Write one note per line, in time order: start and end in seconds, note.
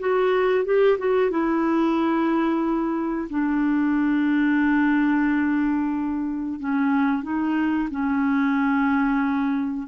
0.00 0.65 F#4
0.65 0.98 G4
0.99 1.31 F#4
1.31 3.28 E4
3.30 6.60 D4
6.60 7.23 C#4
7.23 7.89 D#4
7.91 9.88 C#4